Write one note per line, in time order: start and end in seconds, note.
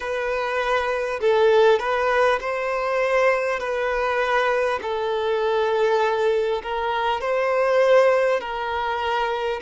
0.00 1.19 B4
1.21 1.79 A4
1.79 2.39 B4
2.40 3.59 C5
3.59 4.79 B4
4.82 6.62 A4
6.62 7.20 A#4
7.20 8.40 C5
8.40 9.60 A#4